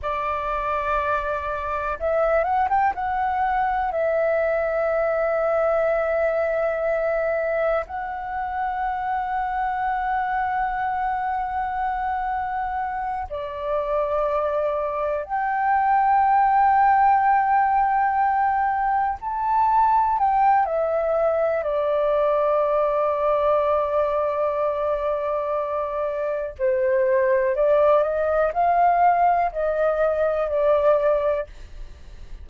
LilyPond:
\new Staff \with { instrumentName = "flute" } { \time 4/4 \tempo 4 = 61 d''2 e''8 fis''16 g''16 fis''4 | e''1 | fis''1~ | fis''4. d''2 g''8~ |
g''2.~ g''8 a''8~ | a''8 g''8 e''4 d''2~ | d''2. c''4 | d''8 dis''8 f''4 dis''4 d''4 | }